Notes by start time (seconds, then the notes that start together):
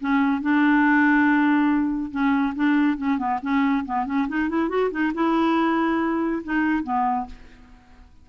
0.00 C#4
0.41 D4
2.11 C#4
2.55 D4
2.97 C#4
3.18 B3
3.42 C#4
3.85 B3
4.06 C#4
4.28 D#4
4.49 E4
4.69 F#4
4.91 D#4
5.14 E4
6.44 D#4
6.83 B3